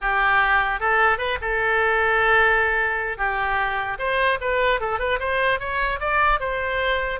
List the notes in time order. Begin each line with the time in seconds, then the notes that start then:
0.01 G4
0.80 A4
1.18 B4
1.41 A4
3.17 G4
3.98 C5
4.41 B4
4.80 A4
4.99 B4
5.19 C5
5.59 C#5
6.00 D5
6.40 C5